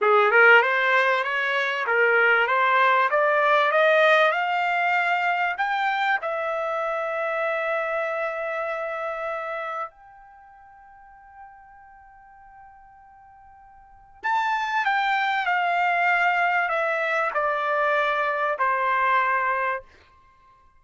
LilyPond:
\new Staff \with { instrumentName = "trumpet" } { \time 4/4 \tempo 4 = 97 gis'8 ais'8 c''4 cis''4 ais'4 | c''4 d''4 dis''4 f''4~ | f''4 g''4 e''2~ | e''1 |
g''1~ | g''2. a''4 | g''4 f''2 e''4 | d''2 c''2 | }